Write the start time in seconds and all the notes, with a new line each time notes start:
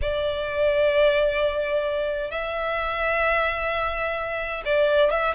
0.01 D5
2.30 E5
4.65 D5
5.11 E5